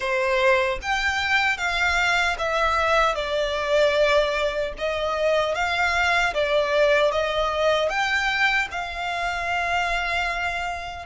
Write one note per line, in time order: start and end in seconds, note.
0.00 0.78 C5
0.82 1.57 G5
1.57 2.36 F5
2.38 3.15 E5
3.15 4.73 D5
4.78 5.54 D#5
5.54 6.33 F5
6.34 7.11 D5
7.11 7.89 D#5
7.89 8.68 G5
8.71 11.05 F5